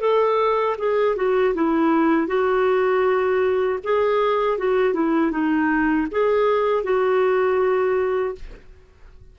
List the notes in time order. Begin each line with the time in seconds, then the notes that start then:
0.00 A4
0.78 G#4
1.16 F#4
1.54 E4
2.27 F#4
3.84 G#4
4.57 F#4
4.93 E4
5.31 D#4
6.11 G#4
6.83 F#4